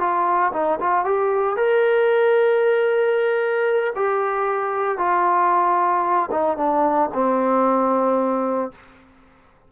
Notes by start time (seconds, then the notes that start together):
0.00 F4
0.53 D#4
0.81 F4
1.05 G4
1.57 A#4
3.96 G4
4.99 F4
6.32 D#4
6.58 D4
7.14 C4